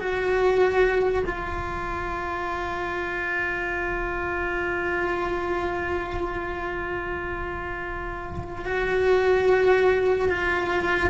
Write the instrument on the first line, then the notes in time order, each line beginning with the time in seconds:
cello
0.00 F#4
1.26 F4
8.65 F#4
10.29 F4